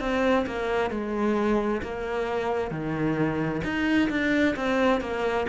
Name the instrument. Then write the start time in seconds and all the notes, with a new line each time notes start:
cello
0.00 C4
0.46 A#3
0.90 G#3
1.82 A#3
2.71 D#3
3.64 D#4
4.10 D4
4.56 C4
5.01 A#3